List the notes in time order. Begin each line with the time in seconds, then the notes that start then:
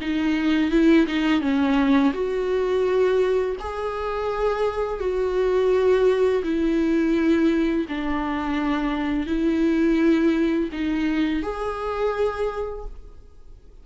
0.00 D#4
0.70 E4
1.06 D#4
1.41 C#4
2.13 F#4
3.59 G#4
4.99 F#4
6.43 E4
7.88 D4
9.26 E4
10.72 D#4
11.42 G#4